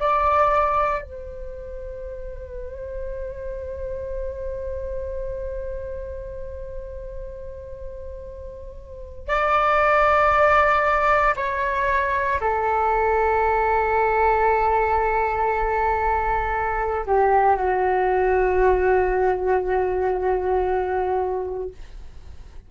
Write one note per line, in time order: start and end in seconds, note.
0.00 1.02 D5
1.02 9.28 C5
9.28 11.35 D5
11.37 12.40 C#5
12.41 17.06 A4
17.07 17.56 G4
17.56 21.70 F#4